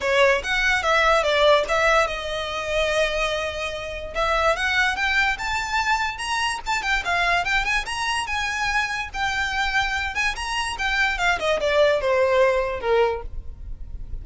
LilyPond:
\new Staff \with { instrumentName = "violin" } { \time 4/4 \tempo 4 = 145 cis''4 fis''4 e''4 d''4 | e''4 dis''2.~ | dis''2 e''4 fis''4 | g''4 a''2 ais''4 |
a''8 g''8 f''4 g''8 gis''8 ais''4 | gis''2 g''2~ | g''8 gis''8 ais''4 g''4 f''8 dis''8 | d''4 c''2 ais'4 | }